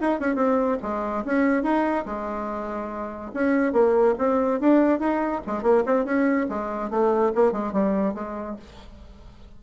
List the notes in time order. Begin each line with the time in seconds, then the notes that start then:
0.00 D#4
0.19 C#4
0.35 C4
0.82 G#3
1.25 C#4
1.63 D#4
2.05 G#3
3.33 C#4
3.72 A#3
4.18 C4
4.60 D4
4.99 D#4
5.46 G#3
5.62 A#3
5.85 C4
6.05 C#4
6.49 G#3
6.90 A3
7.34 A#3
7.52 G#3
7.72 G3
8.14 G#3